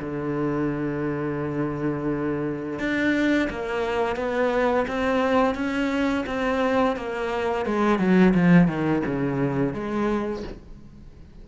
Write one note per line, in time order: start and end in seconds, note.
0.00 2.79 D3
2.79 3.49 D4
3.49 4.16 A#3
4.16 4.86 B3
4.87 5.55 C4
5.55 6.24 C#4
6.26 6.96 C4
6.96 7.65 A#3
7.65 7.99 G#3
7.99 8.33 F#3
8.34 8.67 F3
8.67 9.02 D#3
9.06 9.73 C#3
9.73 10.43 G#3